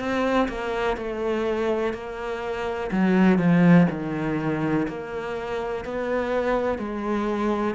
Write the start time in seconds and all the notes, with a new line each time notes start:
0.00 C4
0.48 A#3
0.97 A3
1.94 A#3
2.92 F#3
3.39 F3
3.91 D#3
4.88 A#3
5.85 B3
6.79 G#3